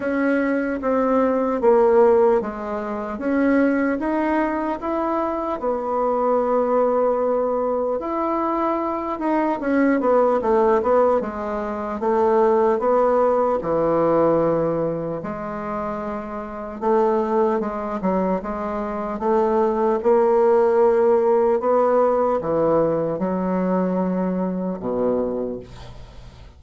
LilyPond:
\new Staff \with { instrumentName = "bassoon" } { \time 4/4 \tempo 4 = 75 cis'4 c'4 ais4 gis4 | cis'4 dis'4 e'4 b4~ | b2 e'4. dis'8 | cis'8 b8 a8 b8 gis4 a4 |
b4 e2 gis4~ | gis4 a4 gis8 fis8 gis4 | a4 ais2 b4 | e4 fis2 b,4 | }